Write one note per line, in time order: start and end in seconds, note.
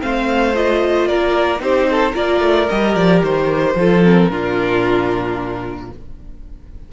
0.00 1.09 A3
0.00 0.54 C4
0.00 1.08 C5
0.00 0.55 F5
0.54 1.59 F4
0.54 1.07 D#5
1.07 1.59 A#3
1.07 1.61 A#4
1.07 1.60 D5
1.59 2.13 C4
1.59 2.12 D#4
1.59 1.89 G4
1.59 2.15 C5
1.90 2.12 A4
2.12 2.40 A#3
2.12 2.66 F4
2.12 3.72 A#4
2.12 2.69 D5
2.40 2.67 A3
2.69 2.95 G3
2.69 3.77 G4
2.69 2.94 D#5
2.94 3.22 F3
2.94 3.21 D5
3.22 3.74 D#3
3.22 4.03 C5
3.74 4.28 F3
3.74 4.03 F4
3.74 4.31 A4
4.03 4.30 C4
4.03 5.91 A#4
4.28 5.89 A#2
4.28 5.90 D4
4.28 5.92 F4